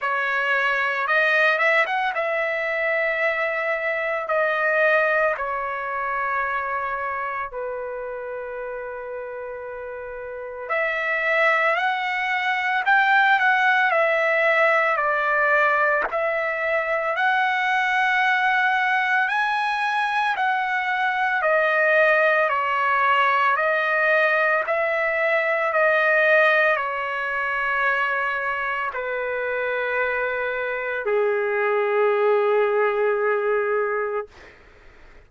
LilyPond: \new Staff \with { instrumentName = "trumpet" } { \time 4/4 \tempo 4 = 56 cis''4 dis''8 e''16 fis''16 e''2 | dis''4 cis''2 b'4~ | b'2 e''4 fis''4 | g''8 fis''8 e''4 d''4 e''4 |
fis''2 gis''4 fis''4 | dis''4 cis''4 dis''4 e''4 | dis''4 cis''2 b'4~ | b'4 gis'2. | }